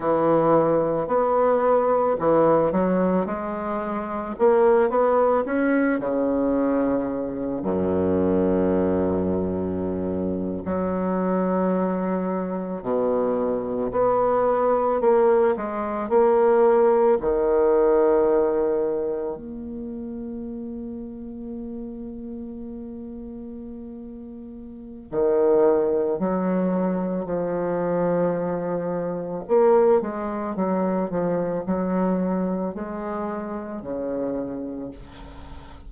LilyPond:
\new Staff \with { instrumentName = "bassoon" } { \time 4/4 \tempo 4 = 55 e4 b4 e8 fis8 gis4 | ais8 b8 cis'8 cis4. fis,4~ | fis,4.~ fis,16 fis2 b,16~ | b,8. b4 ais8 gis8 ais4 dis16~ |
dis4.~ dis16 ais2~ ais16~ | ais2. dis4 | fis4 f2 ais8 gis8 | fis8 f8 fis4 gis4 cis4 | }